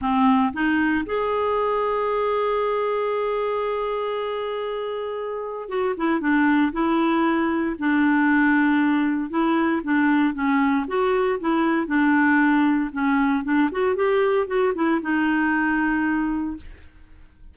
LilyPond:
\new Staff \with { instrumentName = "clarinet" } { \time 4/4 \tempo 4 = 116 c'4 dis'4 gis'2~ | gis'1~ | gis'2. fis'8 e'8 | d'4 e'2 d'4~ |
d'2 e'4 d'4 | cis'4 fis'4 e'4 d'4~ | d'4 cis'4 d'8 fis'8 g'4 | fis'8 e'8 dis'2. | }